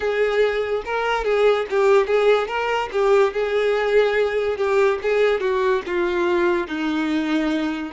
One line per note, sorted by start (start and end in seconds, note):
0.00 0.83 G#4
0.85 1.24 A#4
1.24 1.66 G#4
1.70 2.06 G4
2.06 2.47 G#4
2.47 2.89 A#4
2.92 3.33 G4
3.33 4.57 G#4
4.57 4.98 G4
5.02 5.40 G#4
5.40 5.81 F#4
5.86 6.67 F4
6.67 7.92 D#4